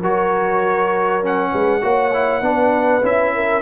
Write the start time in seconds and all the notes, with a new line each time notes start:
0.00 F#3 F#4 A#4 C#5
1.22 C#4 F#5
1.51 G#3 B4
1.81 A#3 F#4 C#5
2.13 E4
2.41 B3 D4 B4
3.02 C#4 E4 E5
3.34 A#4